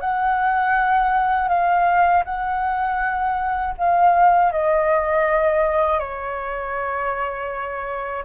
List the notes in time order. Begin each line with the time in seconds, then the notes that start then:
0.00 F#5
1.48 F5
2.24 F#5
3.77 F5
4.52 D#5
5.99 C#5